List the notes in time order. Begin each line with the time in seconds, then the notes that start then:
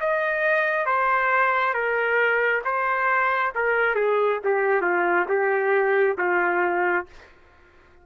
0.00 D#5
0.85 C5
1.74 A#4
2.64 C5
3.55 A#4
3.95 G#4
4.44 G4
4.81 F4
5.28 G4
6.18 F4